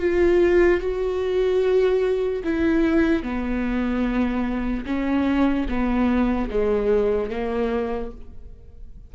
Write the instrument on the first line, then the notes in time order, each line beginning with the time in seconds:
viola
0.00 F4
0.81 F#4
2.44 E4
3.23 B3
4.86 C#4
5.68 B3
6.50 G#3
7.30 A#3